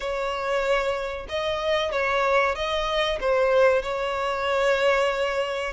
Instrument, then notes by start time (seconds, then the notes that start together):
violin
0.00 C#5
1.28 D#5
1.91 C#5
2.55 D#5
3.20 C5
3.82 C#5